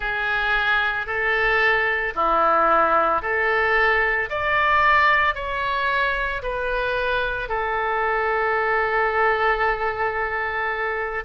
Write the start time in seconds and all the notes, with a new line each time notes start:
0.00 G#4
1.06 A4
2.14 E4
3.21 A4
4.29 D5
5.35 C#5
6.42 B4
7.49 A4